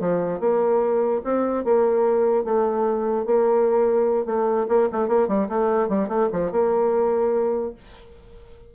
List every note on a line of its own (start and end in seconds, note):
0.00 0.40 F3
0.40 1.22 A#3
1.24 1.65 C4
1.65 2.45 A#3
2.45 3.26 A3
3.26 4.26 A#3
4.26 4.67 A3
4.69 4.89 A#3
4.93 5.08 A3
5.08 5.28 A#3
5.28 5.49 G3
5.49 5.89 A3
5.89 6.09 G3
6.09 6.29 A3
6.33 6.52 F3
6.52 7.75 A#3